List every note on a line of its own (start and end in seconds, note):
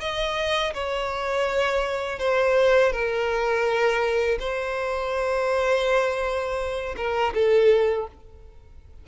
0.00 0.73 D#5
0.74 2.19 C#5
2.19 2.92 C5
2.92 4.38 A#4
4.39 6.95 C5
6.97 7.33 A#4
7.34 8.07 A4